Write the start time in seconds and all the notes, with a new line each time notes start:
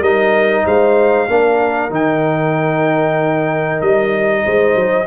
0.00 G3 D#4 A#4 D#5
0.65 G#3 C5 F5
1.28 A#3 D4 A#4
1.90 D#3 D#4 G5
3.81 G3 D#5
4.45 G#3 C5
4.75 F#3